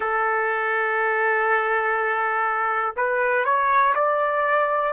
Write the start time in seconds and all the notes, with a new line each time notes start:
0.00 A4
2.96 B4
3.44 C#5
3.94 D5